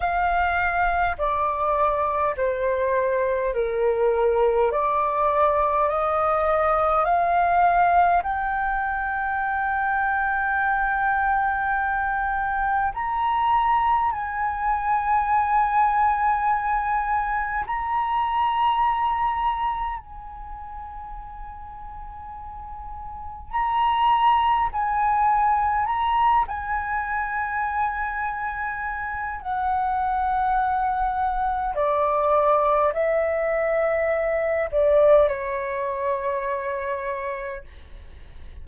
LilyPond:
\new Staff \with { instrumentName = "flute" } { \time 4/4 \tempo 4 = 51 f''4 d''4 c''4 ais'4 | d''4 dis''4 f''4 g''4~ | g''2. ais''4 | gis''2. ais''4~ |
ais''4 gis''2. | ais''4 gis''4 ais''8 gis''4.~ | gis''4 fis''2 d''4 | e''4. d''8 cis''2 | }